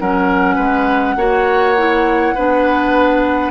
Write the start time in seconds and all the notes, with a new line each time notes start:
0.00 F#3 C#4 A#4 F#5
0.56 G#3 B4
1.16 A#3 F#4 C#5
1.77 E4
2.35 B3 D4 B4